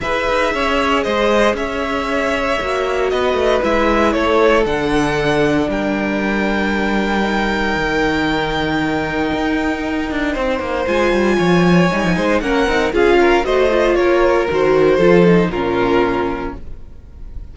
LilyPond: <<
  \new Staff \with { instrumentName = "violin" } { \time 4/4 \tempo 4 = 116 e''2 dis''4 e''4~ | e''2 dis''4 e''4 | cis''4 fis''2 g''4~ | g''1~ |
g''1~ | g''4 gis''2. | fis''4 f''4 dis''4 cis''4 | c''2 ais'2 | }
  \new Staff \with { instrumentName = "violin" } { \time 4/4 b'4 cis''4 c''4 cis''4~ | cis''2 b'2 | a'2. ais'4~ | ais'1~ |
ais'1 | c''2 cis''4. c''8 | ais'4 gis'8 ais'8 c''4 ais'4~ | ais'4 a'4 f'2 | }
  \new Staff \with { instrumentName = "viola" } { \time 4/4 gis'1~ | gis'4 fis'2 e'4~ | e'4 d'2.~ | d'2 dis'2~ |
dis'1~ | dis'4 f'2 dis'4 | cis'8 dis'8 f'4 fis'8 f'4. | fis'4 f'8 dis'8 cis'2 | }
  \new Staff \with { instrumentName = "cello" } { \time 4/4 e'8 dis'8 cis'4 gis4 cis'4~ | cis'4 ais4 b8 a8 gis4 | a4 d2 g4~ | g2. dis4~ |
dis2 dis'4. d'8 | c'8 ais8 gis8 g8 f4 g16 f16 gis8 | ais8 c'8 cis'4 a4 ais4 | dis4 f4 ais,2 | }
>>